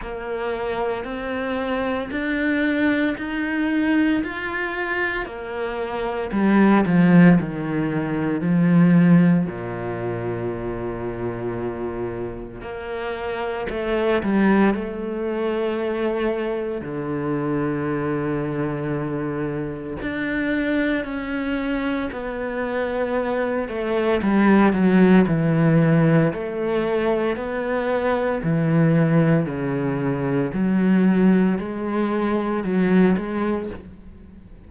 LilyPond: \new Staff \with { instrumentName = "cello" } { \time 4/4 \tempo 4 = 57 ais4 c'4 d'4 dis'4 | f'4 ais4 g8 f8 dis4 | f4 ais,2. | ais4 a8 g8 a2 |
d2. d'4 | cis'4 b4. a8 g8 fis8 | e4 a4 b4 e4 | cis4 fis4 gis4 fis8 gis8 | }